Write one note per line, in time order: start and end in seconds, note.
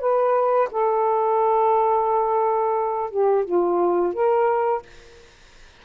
0.00 0.69 B4
0.71 3.11 A4
3.11 3.45 G4
3.45 4.13 F4
4.13 4.82 A#4